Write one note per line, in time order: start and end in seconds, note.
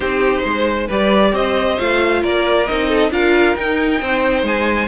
0.00 0.43 C4
0.00 0.88 D#4
0.00 0.42 G4
0.00 0.88 C5
0.42 0.89 G#3
0.42 0.87 C5
0.87 1.33 G3
0.87 1.78 G4
0.87 1.31 B4
0.87 1.35 D5
1.33 1.77 C4
1.33 2.21 C5
1.33 1.78 D#5
1.78 2.23 A3
1.78 2.67 F4
1.78 2.23 F5
2.21 2.68 A#3
2.21 2.88 A#4
2.21 2.66 D5
2.66 3.10 C4
2.66 3.11 D#4
2.66 3.11 D#5
2.88 3.10 A4
3.10 3.55 D4
3.10 3.55 F4
3.10 4.00 A#4
3.10 3.55 F5
3.55 4.87 D#4
3.55 4.01 D#4
3.55 4.44 G5
4.00 4.42 C4
4.00 4.87 C5
4.42 4.87 G#3
4.42 4.87 G#5